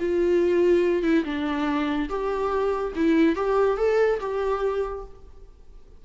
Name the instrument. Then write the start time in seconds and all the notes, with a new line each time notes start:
viola
0.00 F4
1.03 E4
1.25 D4
2.10 G4
2.96 E4
3.36 G4
3.78 A4
4.20 G4